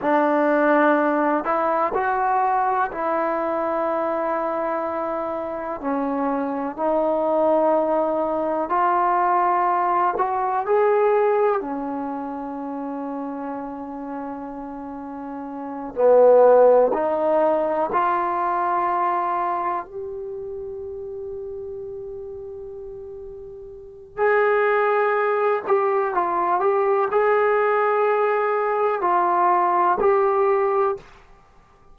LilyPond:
\new Staff \with { instrumentName = "trombone" } { \time 4/4 \tempo 4 = 62 d'4. e'8 fis'4 e'4~ | e'2 cis'4 dis'4~ | dis'4 f'4. fis'8 gis'4 | cis'1~ |
cis'8 b4 dis'4 f'4.~ | f'8 g'2.~ g'8~ | g'4 gis'4. g'8 f'8 g'8 | gis'2 f'4 g'4 | }